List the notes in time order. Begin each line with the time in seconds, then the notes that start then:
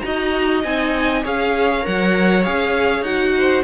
0.00 D#4 F#4 D#5 A#5
0.64 C4 D#4 G#5
1.24 C#4 G#4 C#5 F5
1.82 F#3 A#4 F#5
2.44 C#4 G#4 F5
3.02 D#4 F#4 F#5
3.37 C5